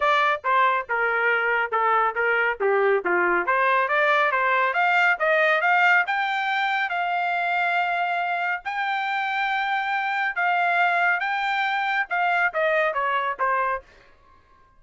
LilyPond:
\new Staff \with { instrumentName = "trumpet" } { \time 4/4 \tempo 4 = 139 d''4 c''4 ais'2 | a'4 ais'4 g'4 f'4 | c''4 d''4 c''4 f''4 | dis''4 f''4 g''2 |
f''1 | g''1 | f''2 g''2 | f''4 dis''4 cis''4 c''4 | }